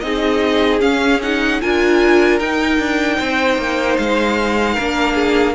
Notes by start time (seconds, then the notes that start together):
0.00 C4 D#4 G#4 D#5
0.80 C#4 F5
1.22 D#4 F#5
1.61 D4 F4 A#4 G#5
2.39 D#4 G5
2.79 D4
3.18 C4 C5
3.58 A#3
3.97 G#3 F5
4.74 A#3 A#4
4.80 D4
5.14 G#4